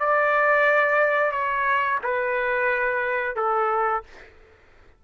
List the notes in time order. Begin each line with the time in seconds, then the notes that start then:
0.00 D5
1.31 C#5
2.03 B4
3.36 A4